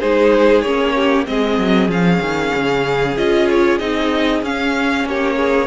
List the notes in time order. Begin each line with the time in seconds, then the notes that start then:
0.00 G#3 D#4 G#4 C5
0.62 A#3 C#4 C#5
0.95 G4
1.26 G#3 C4 G#4 D#5
1.58 F#3
1.89 F3 C#4 F5
2.21 D#3
2.55 C#3
3.17 C#4 F4 D#5
3.51 C#5
3.79 C4 D#4 D#5
4.43 C#4 F5
5.05 A#3 G4 C#5
5.37 G#4